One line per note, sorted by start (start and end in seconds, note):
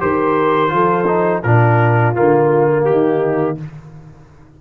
0.00 0.72 D#3
0.00 0.69 G4
0.00 0.74 A#4
0.00 1.43 C5
0.69 1.43 F3
0.69 1.05 F4
0.69 1.44 A4
1.07 1.43 D#4
1.43 2.16 A#2
1.43 2.15 D4
1.43 2.87 F4
1.43 2.15 A#4
2.15 2.87 D3
2.15 3.58 A#3
2.15 2.85 F4
2.85 3.58 D#3
2.85 3.62 D#4
2.85 3.57 G4